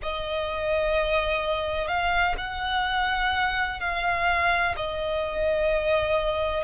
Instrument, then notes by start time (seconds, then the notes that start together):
violin
0.02 D#5
1.87 F5
2.37 F#5
3.80 F5
4.76 D#5